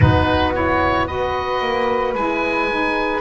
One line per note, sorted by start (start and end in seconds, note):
0.00 1.61 B3
0.00 0.54 D#4
0.00 1.06 F#4
0.00 0.53 B4
0.54 1.07 E4
0.54 1.07 C#5
1.06 2.15 F#4
1.06 3.20 B4
1.06 2.14 D#5
1.61 2.14 A#3
2.14 3.20 G#3
2.14 2.69 E4
2.14 3.20 G#5
2.69 3.20 D#4